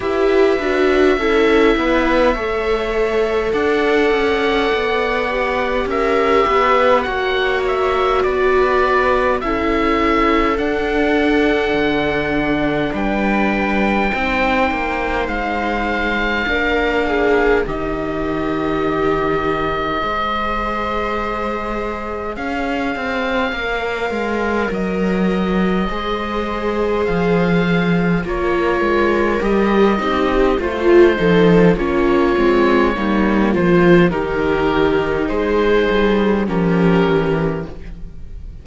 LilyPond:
<<
  \new Staff \with { instrumentName = "oboe" } { \time 4/4 \tempo 4 = 51 e''2. fis''4~ | fis''4 e''4 fis''8 e''8 d''4 | e''4 fis''2 g''4~ | g''4 f''2 dis''4~ |
dis''2. f''4~ | f''4 dis''2 f''4 | cis''4 dis''4 c''4 cis''4~ | cis''8 c''8 ais'4 c''4 ais'4 | }
  \new Staff \with { instrumentName = "viola" } { \time 4/4 b'4 a'8 b'8 cis''4 d''4~ | d''4 ais'8 b'8 cis''4 b'4 | a'2. b'4 | c''2 ais'8 gis'8 g'4~ |
g'4 c''2 cis''4~ | cis''2 c''2 | ais'4. g'8 f'8 a'8 f'4 | dis'8 f'8 g'4 gis'4 g'4 | }
  \new Staff \with { instrumentName = "viola" } { \time 4/4 g'8 fis'8 e'4 a'2~ | a'8 g'4. fis'2 | e'4 d'2. | dis'2 d'4 dis'4~ |
dis'4 gis'2. | ais'2 gis'2 | f'4 g'8 dis'8 f'8 dis'8 cis'8 c'8 | ais4 dis'2 cis'4 | }
  \new Staff \with { instrumentName = "cello" } { \time 4/4 e'8 d'8 cis'8 b8 a4 d'8 cis'8 | b4 cis'8 b8 ais4 b4 | cis'4 d'4 d4 g4 | c'8 ais8 gis4 ais4 dis4~ |
dis4 gis2 cis'8 c'8 | ais8 gis8 fis4 gis4 f4 | ais8 gis8 g8 c'8 a8 f8 ais8 gis8 | g8 f8 dis4 gis8 g8 f8 e8 | }
>>